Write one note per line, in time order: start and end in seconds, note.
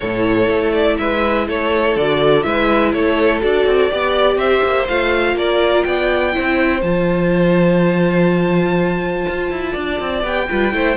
0.00 0.48 A2
0.00 1.97 E4
0.00 0.98 A4
0.00 0.72 C#5
0.48 0.97 A3
0.72 0.96 D5
0.98 1.47 G#3
0.98 1.47 B4
0.98 1.46 E5
1.47 1.96 A3
1.47 2.45 A4
1.47 1.97 C#5
1.96 2.44 D3
1.96 2.44 F#4
1.96 2.42 D5
2.42 2.93 G#3
2.42 3.41 E4
2.42 2.94 B4
2.42 2.91 E5
2.92 3.42 A3
2.92 3.91 A4
2.92 3.41 C#5
3.41 3.66 D4
3.41 3.90 F#4
3.41 4.37 D5
3.66 3.91 C4
3.90 4.36 B3
3.90 4.87 G4
3.90 4.37 D5
4.36 4.60 C4
4.36 5.35 C5
4.36 4.86 E5
4.63 4.88 A#3
4.88 5.34 A3
4.88 6.32 F4
4.88 5.36 F5
5.34 5.83 A#3
5.34 5.86 A#4
5.34 5.83 D5
5.83 6.34 B3
5.83 6.35 D5
5.83 6.81 G5
6.32 6.81 E4
6.32 9.71 C5
6.38 6.82 C4
6.81 9.26 F3
6.81 10.23 F4
6.81 10.23 A5
9.28 9.51 F4
9.51 9.75 E4
9.71 10.00 D4
9.71 10.44 D5
10.00 10.23 C4
10.23 10.47 B3
10.23 10.47 G4
10.23 10.97 G5
10.49 10.73 G3
10.49 10.72 F4
10.49 10.74 B4
10.72 10.97 A3
10.72 10.97 E4
10.72 10.97 C5